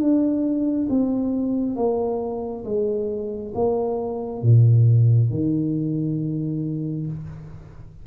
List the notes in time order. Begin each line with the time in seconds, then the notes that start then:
0.00 D4
0.89 C4
1.76 A#3
2.65 G#3
3.55 A#3
4.42 A#2
5.30 D#3